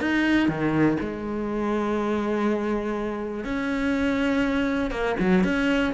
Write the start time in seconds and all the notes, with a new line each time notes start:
0.00 D#4
0.48 D#3
1.00 G#3
3.44 C#4
4.91 A#3
5.19 F#3
5.44 C#4